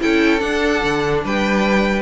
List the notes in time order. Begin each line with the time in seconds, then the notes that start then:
0.00 C#4 E4 A4 G5
0.39 D4 F#5
0.84 D3
1.24 G3 B4 G5